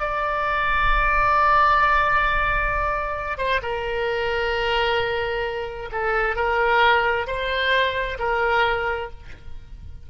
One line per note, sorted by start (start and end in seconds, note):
0.00 3.38 D5
3.38 3.61 C5
3.62 5.90 A#4
5.92 6.36 A4
6.36 7.27 A#4
7.27 8.18 C5
8.19 9.10 A#4